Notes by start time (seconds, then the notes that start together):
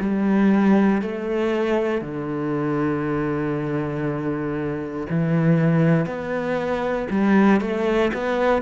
0.00 G3
1.02 A3
2.02 D3
5.09 E3
6.06 B3
7.10 G3
7.61 A3
8.14 B3